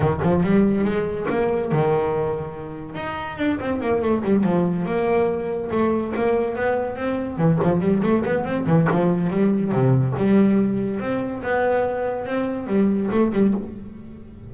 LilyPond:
\new Staff \with { instrumentName = "double bass" } { \time 4/4 \tempo 4 = 142 dis8 f8 g4 gis4 ais4 | dis2. dis'4 | d'8 c'8 ais8 a8 g8 f4 ais8~ | ais4. a4 ais4 b8~ |
b8 c'4 e8 f8 g8 a8 b8 | c'8 e8 f4 g4 c4 | g2 c'4 b4~ | b4 c'4 g4 a8 g8 | }